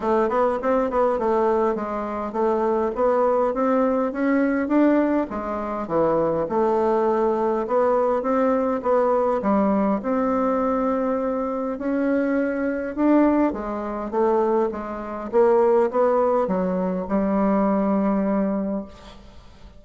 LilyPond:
\new Staff \with { instrumentName = "bassoon" } { \time 4/4 \tempo 4 = 102 a8 b8 c'8 b8 a4 gis4 | a4 b4 c'4 cis'4 | d'4 gis4 e4 a4~ | a4 b4 c'4 b4 |
g4 c'2. | cis'2 d'4 gis4 | a4 gis4 ais4 b4 | fis4 g2. | }